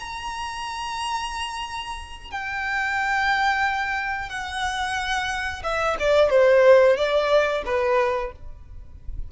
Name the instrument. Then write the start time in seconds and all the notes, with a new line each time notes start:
violin
0.00 A#5
2.31 G5
4.29 F#5
5.63 E5
6.00 D5
6.30 C5
6.97 D5
7.65 B4